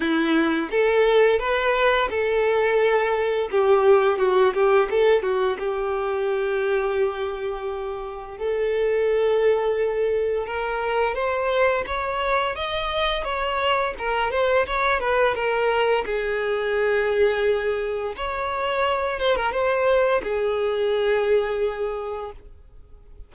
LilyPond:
\new Staff \with { instrumentName = "violin" } { \time 4/4 \tempo 4 = 86 e'4 a'4 b'4 a'4~ | a'4 g'4 fis'8 g'8 a'8 fis'8 | g'1 | a'2. ais'4 |
c''4 cis''4 dis''4 cis''4 | ais'8 c''8 cis''8 b'8 ais'4 gis'4~ | gis'2 cis''4. c''16 ais'16 | c''4 gis'2. | }